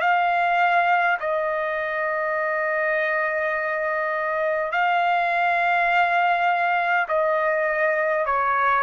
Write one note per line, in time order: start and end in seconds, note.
0.00 1.18 F5
1.19 4.72 D#5
4.72 7.07 F5
7.07 8.25 D#5
8.25 8.83 C#5